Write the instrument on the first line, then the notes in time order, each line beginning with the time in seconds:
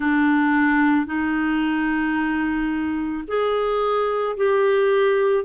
clarinet
0.00 D4
1.06 D#4
3.27 G#4
4.36 G4